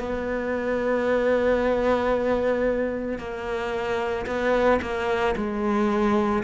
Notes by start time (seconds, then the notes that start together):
0.00 B3
3.19 A#3
4.27 B3
4.82 A#3
5.36 G#3